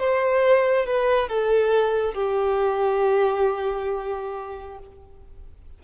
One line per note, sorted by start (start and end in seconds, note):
0.00 0.86 C5
0.86 1.29 B4
1.29 2.14 A4
2.14 4.79 G4